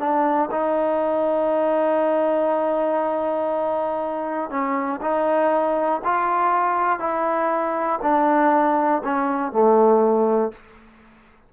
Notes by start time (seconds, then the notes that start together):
0.00 D4
0.51 D#4
4.51 C#4
5.02 D#4
6.04 F4
7.00 E4
8.03 D4
9.04 C#4
9.53 A3